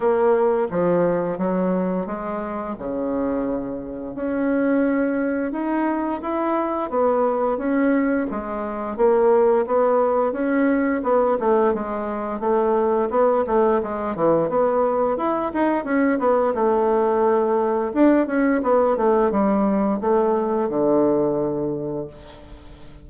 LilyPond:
\new Staff \with { instrumentName = "bassoon" } { \time 4/4 \tempo 4 = 87 ais4 f4 fis4 gis4 | cis2 cis'2 | dis'4 e'4 b4 cis'4 | gis4 ais4 b4 cis'4 |
b8 a8 gis4 a4 b8 a8 | gis8 e8 b4 e'8 dis'8 cis'8 b8 | a2 d'8 cis'8 b8 a8 | g4 a4 d2 | }